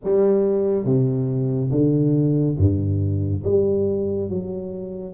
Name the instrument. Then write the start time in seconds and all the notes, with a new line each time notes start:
tuba
0.04 G3
0.84 C3
1.71 D3
2.57 G2
3.44 G3
4.29 F#3